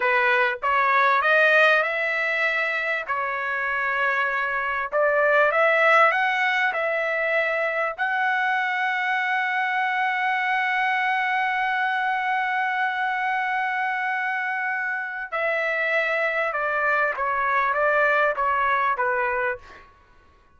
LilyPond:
\new Staff \with { instrumentName = "trumpet" } { \time 4/4 \tempo 4 = 98 b'4 cis''4 dis''4 e''4~ | e''4 cis''2. | d''4 e''4 fis''4 e''4~ | e''4 fis''2.~ |
fis''1~ | fis''1~ | fis''4 e''2 d''4 | cis''4 d''4 cis''4 b'4 | }